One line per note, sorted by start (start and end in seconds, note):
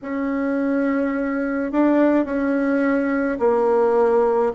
0.02 1.71 C#4
1.71 2.25 D4
2.25 3.38 C#4
3.39 4.52 A#3